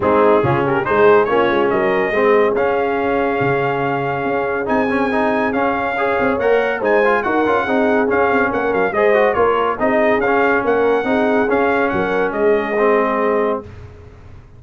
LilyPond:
<<
  \new Staff \with { instrumentName = "trumpet" } { \time 4/4 \tempo 4 = 141 gis'4. ais'8 c''4 cis''4 | dis''2 f''2~ | f''2. gis''4~ | gis''4 f''2 fis''4 |
gis''4 fis''2 f''4 | fis''8 f''8 dis''4 cis''4 dis''4 | f''4 fis''2 f''4 | fis''4 dis''2. | }
  \new Staff \with { instrumentName = "horn" } { \time 4/4 dis'4 f'8 g'8 gis'4 f'4 | ais'4 gis'2.~ | gis'1~ | gis'2 cis''2 |
c''4 ais'4 gis'2 | ais'4 c''4 ais'4 gis'4~ | gis'4 ais'4 gis'2 | ais'4 gis'2. | }
  \new Staff \with { instrumentName = "trombone" } { \time 4/4 c'4 cis'4 dis'4 cis'4~ | cis'4 c'4 cis'2~ | cis'2. dis'8 cis'8 | dis'4 cis'4 gis'4 ais'4 |
dis'8 f'8 fis'8 f'8 dis'4 cis'4~ | cis'4 gis'8 fis'8 f'4 dis'4 | cis'2 dis'4 cis'4~ | cis'2 c'2 | }
  \new Staff \with { instrumentName = "tuba" } { \time 4/4 gis4 cis4 gis4 ais8 gis8 | fis4 gis4 cis'2 | cis2 cis'4 c'4~ | c'4 cis'4. c'8 ais4 |
gis4 dis'8 cis'8 c'4 cis'8 c'8 | ais8 fis8 gis4 ais4 c'4 | cis'4 ais4 c'4 cis'4 | fis4 gis2. | }
>>